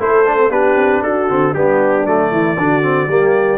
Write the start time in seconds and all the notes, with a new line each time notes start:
0.00 A3 E4 A4 C5
0.27 D4
0.37 C4
0.51 B3 D4 G4 B4
0.77 C4
1.03 D4 F#4 A4
1.30 D3 C4
1.55 G3 B3 D4 G4
2.06 F#3 A3 D5
2.32 E3 E4
2.58 D3 D4 F#4
2.83 C4
3.08 G3 A#3 G4